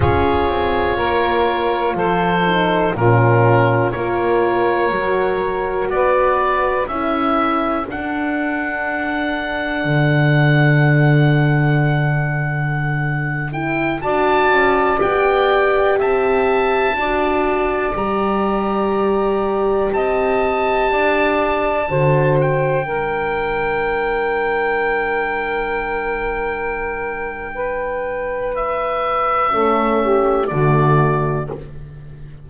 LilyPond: <<
  \new Staff \with { instrumentName = "oboe" } { \time 4/4 \tempo 4 = 61 cis''2 c''4 ais'4 | cis''2 d''4 e''4 | fis''1~ | fis''4.~ fis''16 g''8 a''4 g''8.~ |
g''16 a''2 ais''4.~ ais''16~ | ais''16 a''2~ a''8 g''4~ g''16~ | g''1~ | g''4 e''2 d''4 | }
  \new Staff \with { instrumentName = "saxophone" } { \time 4/4 gis'4 ais'4 a'4 f'4 | ais'2 b'4 a'4~ | a'1~ | a'2~ a'16 d''4.~ d''16~ |
d''16 e''4 d''2~ d''8.~ | d''16 dis''4 d''4 c''4 ais'8.~ | ais'1 | b'2 a'8 g'8 fis'4 | }
  \new Staff \with { instrumentName = "horn" } { \time 4/4 f'2~ f'8 dis'8 cis'4 | f'4 fis'2 e'4 | d'1~ | d'4.~ d'16 e'8 fis'4 g'8.~ |
g'4~ g'16 fis'4 g'4.~ g'16~ | g'2~ g'16 fis'4 d'8.~ | d'1~ | d'2 cis'4 a4 | }
  \new Staff \with { instrumentName = "double bass" } { \time 4/4 cis'8 c'8 ais4 f4 ais,4 | ais4 fis4 b4 cis'4 | d'2 d2~ | d2~ d16 d'8 cis'8 b8.~ |
b16 c'4 d'4 g4.~ g16~ | g16 c'4 d'4 d4 g8.~ | g1~ | g2 a4 d4 | }
>>